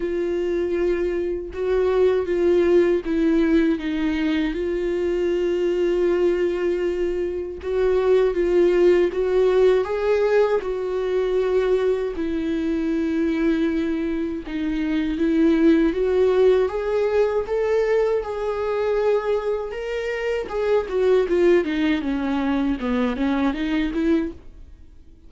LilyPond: \new Staff \with { instrumentName = "viola" } { \time 4/4 \tempo 4 = 79 f'2 fis'4 f'4 | e'4 dis'4 f'2~ | f'2 fis'4 f'4 | fis'4 gis'4 fis'2 |
e'2. dis'4 | e'4 fis'4 gis'4 a'4 | gis'2 ais'4 gis'8 fis'8 | f'8 dis'8 cis'4 b8 cis'8 dis'8 e'8 | }